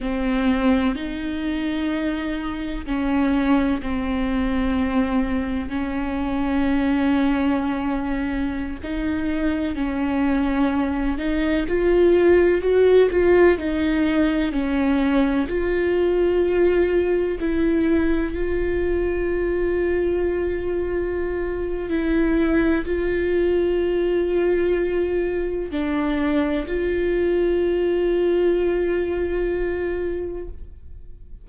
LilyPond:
\new Staff \with { instrumentName = "viola" } { \time 4/4 \tempo 4 = 63 c'4 dis'2 cis'4 | c'2 cis'2~ | cis'4~ cis'16 dis'4 cis'4. dis'16~ | dis'16 f'4 fis'8 f'8 dis'4 cis'8.~ |
cis'16 f'2 e'4 f'8.~ | f'2. e'4 | f'2. d'4 | f'1 | }